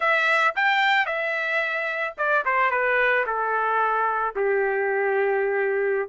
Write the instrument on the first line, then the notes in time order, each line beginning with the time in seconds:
trumpet
0.00 E5
0.55 G5
1.05 E5
2.17 D5
2.45 C5
2.71 B4
3.26 A4
4.35 G4